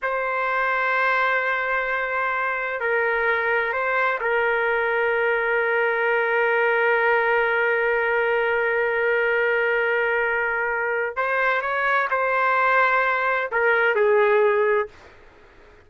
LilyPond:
\new Staff \with { instrumentName = "trumpet" } { \time 4/4 \tempo 4 = 129 c''1~ | c''2 ais'2 | c''4 ais'2.~ | ais'1~ |
ais'1~ | ais'1 | c''4 cis''4 c''2~ | c''4 ais'4 gis'2 | }